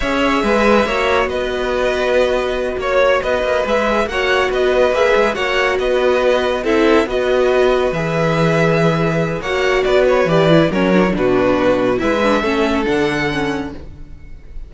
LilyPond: <<
  \new Staff \with { instrumentName = "violin" } { \time 4/4 \tempo 4 = 140 e''2. dis''4~ | dis''2~ dis''8 cis''4 dis''8~ | dis''8 e''4 fis''4 dis''4 e''8~ | e''8 fis''4 dis''2 e''8~ |
e''8 dis''2 e''4.~ | e''2 fis''4 d''8 cis''8 | d''4 cis''4 b'2 | e''2 fis''2 | }
  \new Staff \with { instrumentName = "violin" } { \time 4/4 cis''4 b'4 cis''4 b'4~ | b'2~ b'8 cis''4 b'8~ | b'4. cis''4 b'4.~ | b'8 cis''4 b'2 a'8~ |
a'8 b'2.~ b'8~ | b'2 cis''4 b'4~ | b'4 ais'4 fis'2 | b'4 a'2. | }
  \new Staff \with { instrumentName = "viola" } { \time 4/4 gis'2 fis'2~ | fis'1~ | fis'8 gis'4 fis'2 gis'8~ | gis'8 fis'2. e'8~ |
e'8 fis'2 gis'4.~ | gis'2 fis'2 | g'8 e'8 cis'8 d'16 e'16 d'2 | e'8 d'8 cis'4 d'4 cis'4 | }
  \new Staff \with { instrumentName = "cello" } { \time 4/4 cis'4 gis4 ais4 b4~ | b2~ b8 ais4 b8 | ais8 gis4 ais4 b4 ais8 | gis8 ais4 b2 c'8~ |
c'8 b2 e4.~ | e2 ais4 b4 | e4 fis4 b,2 | gis4 a4 d2 | }
>>